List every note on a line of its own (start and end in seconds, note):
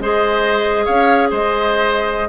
0.00 0.87 G#3
0.00 2.29 G#4
0.00 0.85 C5
0.00 0.86 D#5
0.85 1.32 C#4
0.85 1.29 C#5
0.85 1.29 F5
1.30 2.29 G#3
1.30 2.28 C5
1.30 2.29 D#5